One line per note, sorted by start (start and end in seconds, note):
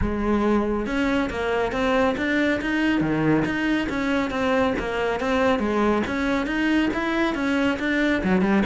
0.01 0.86 G#3
0.86 1.29 C#4
1.30 1.72 A#3
1.72 2.15 C4
2.17 2.60 D4
2.61 3.01 D#4
3.01 3.44 D#3
3.45 3.88 D#4
3.89 4.30 C#4
4.30 4.73 C4
4.78 5.20 A#3
5.20 5.59 C4
5.59 6.02 G#3
6.06 6.46 C#4
6.46 6.89 D#4
6.93 7.34 E4
7.34 7.78 C#4
7.79 8.22 D4
8.23 8.41 F#3
8.41 8.62 G3